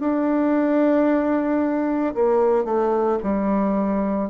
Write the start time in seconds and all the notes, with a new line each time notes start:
0.00 D4
2.15 A#3
2.65 A3
3.23 G3